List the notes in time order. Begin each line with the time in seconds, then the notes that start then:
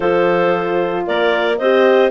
0.00 F3 F4 A4 C5
1.06 A#3 A#4 D5
1.58 C4 G4 C5 D#5